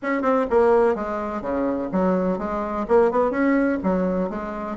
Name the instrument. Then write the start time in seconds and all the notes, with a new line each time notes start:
bassoon
0.02 C#4
0.22 C4
0.50 A#3
0.95 G#3
1.41 C#3
1.92 F#3
2.38 G#3
2.88 A#3
3.11 B3
3.30 C#4
3.83 F#3
4.29 G#3